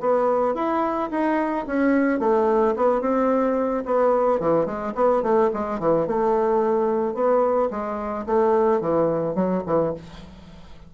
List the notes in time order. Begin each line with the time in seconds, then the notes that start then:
0.00 B3
0.55 E4
1.10 D#4
1.66 C#4
2.19 A3
2.76 B3
3.01 C4
3.85 B3
4.39 E3
4.65 G#3
4.95 B3
5.22 A3
5.53 G#3
5.79 E3
6.07 A3
7.14 B3
7.70 G#3
8.26 A3
8.80 E3
9.35 F#3
9.66 E3